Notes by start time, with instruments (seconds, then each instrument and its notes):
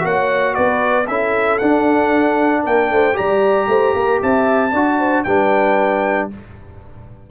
0.00 tuba A#3, trombone F#4, horn C#5, trumpet F#5
0.54 tuba B3, horn B4, trumpet D5
1.07 tuba C#4, trombone E4, horn A4, trumpet E5
1.58 tuba D4, trombone D4, trumpet F#5
2.62 tuba A#3, horn A#4, trumpet G5
2.90 tuba A3, horn C5
3.13 trombone G4, horn D5, trumpet A#5
3.19 tuba G3
3.68 tuba A3, horn C5
3.94 tuba A#3, horn A#4
4.22 tuba C4, horn E5, trumpet A5
4.71 tuba D4, trombone F#4, horn D5
4.99 horn C5
5.23 tuba G3, trombone D4, horn B4, trumpet G5